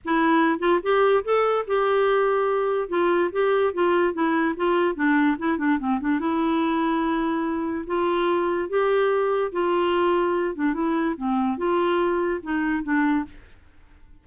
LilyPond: \new Staff \with { instrumentName = "clarinet" } { \time 4/4 \tempo 4 = 145 e'4. f'8 g'4 a'4 | g'2. f'4 | g'4 f'4 e'4 f'4 | d'4 e'8 d'8 c'8 d'8 e'4~ |
e'2. f'4~ | f'4 g'2 f'4~ | f'4. d'8 e'4 c'4 | f'2 dis'4 d'4 | }